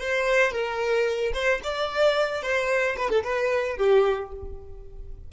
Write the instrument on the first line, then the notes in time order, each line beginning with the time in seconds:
violin
0.00 C5
0.52 A#4
1.34 C5
1.64 D5
2.43 C5
2.97 B4
3.10 A4
3.24 B4
3.77 G4